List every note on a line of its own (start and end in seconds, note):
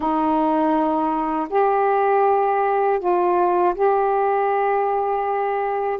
0.00 1.48 D#4
1.49 2.99 G4
2.99 3.74 F4
3.74 5.99 G4